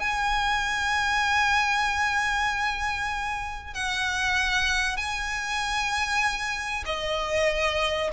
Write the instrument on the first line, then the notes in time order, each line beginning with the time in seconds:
violin
0.00 G#5
3.74 F#5
4.97 G#5
6.86 D#5